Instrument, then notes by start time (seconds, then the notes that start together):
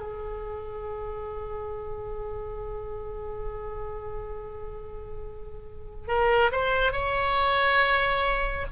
oboe
0.00 G#4
6.08 A#4
6.53 C5
6.92 C#5